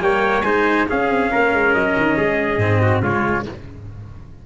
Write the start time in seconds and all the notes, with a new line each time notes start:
0.00 G3 A#3 C#5 G5
0.43 G#3 D#4 C5 G#5
0.89 C#4 G#4 F5
1.10 C4
1.32 A#3 A#4
1.53 G#3
1.74 F#3 D#5
1.97 D#3
2.17 G#3 G#4
2.57 G#2 C4
2.82 F#4
3.02 C#3 G#3 F4 C#5